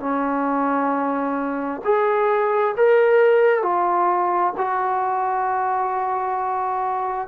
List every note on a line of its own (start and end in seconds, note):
0.00 1.82 C#4
1.85 2.76 G#4
2.77 3.63 A#4
3.63 4.54 F4
4.58 7.28 F#4